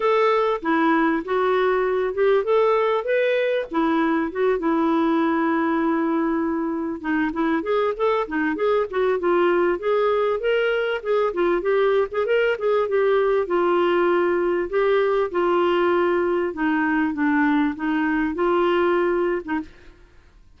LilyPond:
\new Staff \with { instrumentName = "clarinet" } { \time 4/4 \tempo 4 = 98 a'4 e'4 fis'4. g'8 | a'4 b'4 e'4 fis'8 e'8~ | e'2.~ e'8 dis'8 | e'8 gis'8 a'8 dis'8 gis'8 fis'8 f'4 |
gis'4 ais'4 gis'8 f'8 g'8. gis'16 | ais'8 gis'8 g'4 f'2 | g'4 f'2 dis'4 | d'4 dis'4 f'4.~ f'16 dis'16 | }